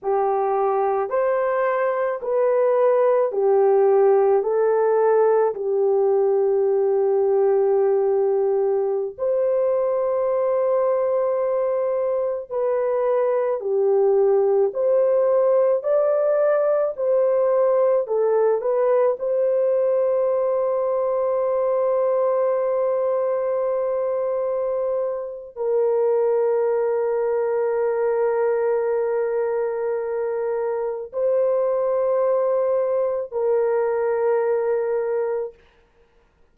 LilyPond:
\new Staff \with { instrumentName = "horn" } { \time 4/4 \tempo 4 = 54 g'4 c''4 b'4 g'4 | a'4 g'2.~ | g'16 c''2. b'8.~ | b'16 g'4 c''4 d''4 c''8.~ |
c''16 a'8 b'8 c''2~ c''8.~ | c''2. ais'4~ | ais'1 | c''2 ais'2 | }